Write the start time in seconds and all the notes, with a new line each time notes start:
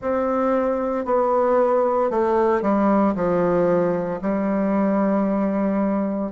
0.01 C4
1.05 B3
2.10 A3
2.62 G3
3.15 F3
4.21 G3